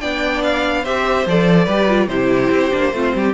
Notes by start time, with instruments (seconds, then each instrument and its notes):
0.00 cello B3, viola D4, violin D5 G5
0.43 violin F5
0.82 cello C4, viola G4, violin C5 E5
1.26 cello F3, viola A4, violin D5
1.64 cello G3, viola G4, violin B4
1.88 viola F4
2.08 cello C3, viola E4, violin G4 C5
2.50 cello C4
2.71 cello A#3, viola D4
2.93 cello A3, viola C4, violin F4
3.15 cello G3, violin G4